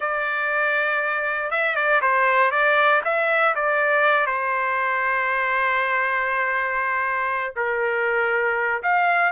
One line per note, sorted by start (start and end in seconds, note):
0.00 1.50 D5
1.50 1.75 E5
1.75 2.00 D5
2.01 2.51 C5
2.51 3.01 D5
3.04 3.55 E5
3.55 4.26 D5
4.26 7.54 C5
7.56 8.82 A#4
8.82 9.32 F5